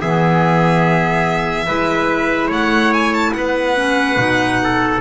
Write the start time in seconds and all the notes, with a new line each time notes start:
0.00 E3 B3 G#4 E5
1.67 G#3 E4 B4
2.47 A3 C#5 F#5
2.93 G#5
3.14 A5
3.33 B3 B4 F#5
3.76 C#4
4.16 B2 D#4
4.63 A4